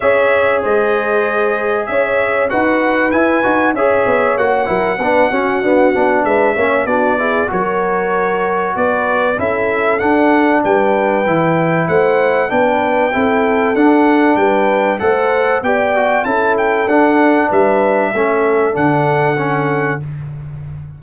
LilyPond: <<
  \new Staff \with { instrumentName = "trumpet" } { \time 4/4 \tempo 4 = 96 e''4 dis''2 e''4 | fis''4 gis''4 e''4 fis''4~ | fis''2 e''4 d''4 | cis''2 d''4 e''4 |
fis''4 g''2 fis''4 | g''2 fis''4 g''4 | fis''4 g''4 a''8 g''8 fis''4 | e''2 fis''2 | }
  \new Staff \with { instrumentName = "horn" } { \time 4/4 cis''4 c''2 cis''4 | b'2 cis''4. ais'8 | b'8 fis'4. b'8 cis''8 fis'8 gis'8 | ais'2 b'4 a'4~ |
a'4 b'2 c''4 | b'4 a'2 b'4 | c''4 d''4 a'2 | b'4 a'2. | }
  \new Staff \with { instrumentName = "trombone" } { \time 4/4 gis'1 | fis'4 e'8 fis'8 gis'4 fis'8 e'8 | d'8 cis'8 b8 d'4 cis'8 d'8 e'8 | fis'2. e'4 |
d'2 e'2 | d'4 e'4 d'2 | a'4 g'8 fis'8 e'4 d'4~ | d'4 cis'4 d'4 cis'4 | }
  \new Staff \with { instrumentName = "tuba" } { \time 4/4 cis'4 gis2 cis'4 | dis'4 e'8 dis'8 cis'8 b8 ais8 fis8 | b8 cis'8 d'8 b8 gis8 ais8 b4 | fis2 b4 cis'4 |
d'4 g4 e4 a4 | b4 c'4 d'4 g4 | a4 b4 cis'4 d'4 | g4 a4 d2 | }
>>